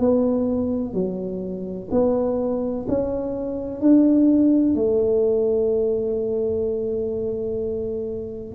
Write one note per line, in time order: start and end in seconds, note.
0.00 0.94 B3
0.94 1.89 F#3
1.91 2.87 B3
2.89 3.81 C#4
3.81 4.75 D4
4.75 8.55 A3